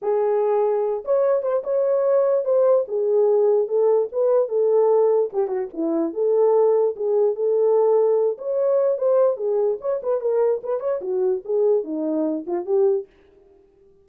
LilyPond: \new Staff \with { instrumentName = "horn" } { \time 4/4 \tempo 4 = 147 gis'2~ gis'8 cis''4 c''8 | cis''2 c''4 gis'4~ | gis'4 a'4 b'4 a'4~ | a'4 g'8 fis'8 e'4 a'4~ |
a'4 gis'4 a'2~ | a'8 cis''4. c''4 gis'4 | cis''8 b'8 ais'4 b'8 cis''8 fis'4 | gis'4 dis'4. f'8 g'4 | }